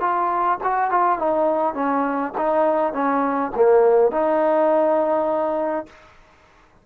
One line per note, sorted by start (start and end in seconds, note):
0.00 0.58 F4
0.64 0.90 F#4
0.90 1.18 F4
1.18 1.74 D#4
1.74 2.32 C#4
2.37 2.93 D#4
2.93 3.51 C#4
3.55 4.11 A#3
4.11 5.86 D#4